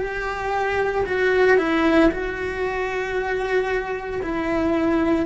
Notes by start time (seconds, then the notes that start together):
0.00 G4
1.06 F#4
1.58 E4
2.11 F#4
4.22 E4